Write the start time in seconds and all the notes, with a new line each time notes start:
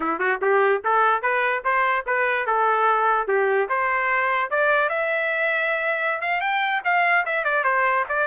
0.00 E4
0.19 F#4
0.41 G4
0.84 A4
1.22 B4
1.64 C5
2.06 B4
2.46 A4
3.27 G4
3.68 C5
4.50 D5
4.89 E5
6.21 F5
6.41 G5
6.84 F5
7.25 E5
7.44 D5
7.63 C5
8.08 D5